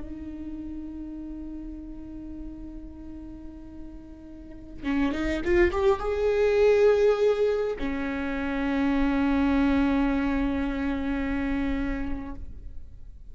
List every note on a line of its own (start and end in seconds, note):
0.00 4.83 D#4
4.83 5.12 C#4
5.12 5.41 D#4
5.45 5.71 F4
5.71 5.99 G4
5.99 7.76 G#4
7.79 12.35 C#4